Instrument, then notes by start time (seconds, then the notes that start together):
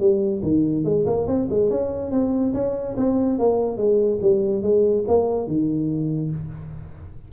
tuba
0.00 G3
0.43 D#3
0.85 G#3
1.07 A#3
1.28 C4
1.50 G#3
1.70 C#4
2.12 C4
2.54 C#4
2.97 C4
3.39 A#3
3.78 G#3
4.22 G3
4.63 G#3
5.08 A#3
5.48 D#3